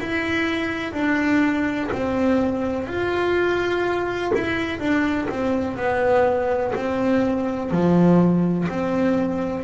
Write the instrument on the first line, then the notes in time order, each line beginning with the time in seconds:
double bass
0.00 E4
0.93 D4
1.92 C4
2.87 F4
4.35 E4
4.79 D4
5.29 C4
5.77 B3
6.76 C4
7.71 F3
8.69 C4